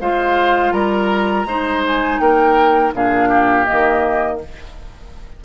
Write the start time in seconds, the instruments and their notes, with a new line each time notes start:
0.00 bassoon G#3, clarinet F4, oboe C5, flute F5
0.72 bassoon G3, oboe A#4, flute A#5
1.45 bassoon G#3, clarinet D#4, oboe C5
1.87 flute G#5
2.19 bassoon A#3, oboe A#4, flute G5
2.94 bassoon A#2, clarinet D4, oboe G#4, flute F5
3.29 oboe G4
3.65 clarinet A#3, flute D#5
3.71 bassoon D#3